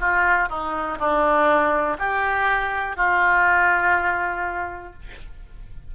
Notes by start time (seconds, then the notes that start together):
0.00 F4
0.50 D#4
0.99 D4
1.99 G4
2.97 F4